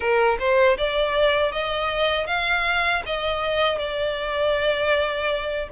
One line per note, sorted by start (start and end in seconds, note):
0.00 0.37 A#4
0.39 0.77 C5
0.77 1.52 D5
1.52 2.26 D#5
2.26 3.02 F5
3.06 3.78 D#5
3.78 5.68 D5